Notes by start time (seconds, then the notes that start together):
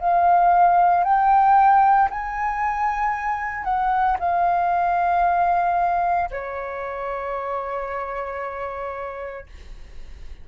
0.00 F5
1.04 G5
2.11 G#5
3.64 F#5
4.20 F5
6.31 C#5